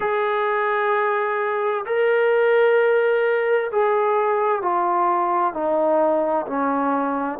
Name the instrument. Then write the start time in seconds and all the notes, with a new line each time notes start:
trombone
0.00 G#4
1.86 A#4
3.71 G#4
4.62 F4
5.53 D#4
6.47 C#4